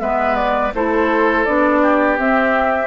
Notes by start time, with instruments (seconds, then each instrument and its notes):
0.00 bassoon G#3, clarinet B3, oboe B4, flute E5
0.36 flute D5
0.74 bassoon A3, clarinet E4, oboe A4, flute C5
1.45 bassoon B3, clarinet D4, flute D5
1.83 oboe G4
2.18 clarinet C4, bassoon C4, flute E5